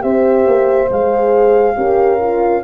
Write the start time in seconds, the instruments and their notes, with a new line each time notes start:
0.00 tuba C4, horn G4 C5, flute E5
0.46 tuba A#3
0.90 tuba G#3, horn G#4, flute F5
1.76 tuba C#4, horn G4 A#4
2.20 horn F4